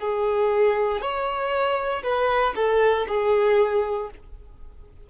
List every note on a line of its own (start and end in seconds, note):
0.00 1.01 G#4
1.01 2.03 C#5
2.03 2.54 B4
2.56 3.06 A4
3.08 4.10 G#4